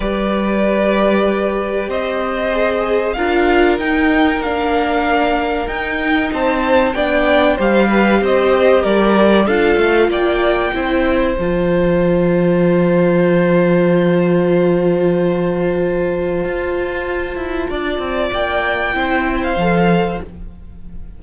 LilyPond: <<
  \new Staff \with { instrumentName = "violin" } { \time 4/4 \tempo 4 = 95 d''2. dis''4~ | dis''4 f''4 g''4 f''4~ | f''4 g''4 a''4 g''4 | f''4 dis''4 d''4 f''4 |
g''2 a''2~ | a''1~ | a''1~ | a''4 g''4.~ g''16 f''4~ f''16 | }
  \new Staff \with { instrumentName = "violin" } { \time 4/4 b'2. c''4~ | c''4 ais'2.~ | ais'2 c''4 d''4 | c''8 b'8 c''4 ais'4 a'4 |
d''4 c''2.~ | c''1~ | c''1 | d''2 c''2 | }
  \new Staff \with { instrumentName = "viola" } { \time 4/4 g'1 | gis'4 f'4 dis'4 d'4~ | d'4 dis'2 d'4 | g'2. f'4~ |
f'4 e'4 f'2~ | f'1~ | f'1~ | f'2 e'4 a'4 | }
  \new Staff \with { instrumentName = "cello" } { \time 4/4 g2. c'4~ | c'4 d'4 dis'4 ais4~ | ais4 dis'4 c'4 b4 | g4 c'4 g4 d'8 a8 |
ais4 c'4 f2~ | f1~ | f2 f'4. e'8 | d'8 c'8 ais4 c'4 f4 | }
>>